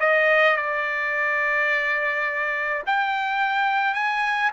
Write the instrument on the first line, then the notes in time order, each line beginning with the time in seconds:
trumpet
0.00 D#5
0.57 D5
2.86 G5
3.94 G#5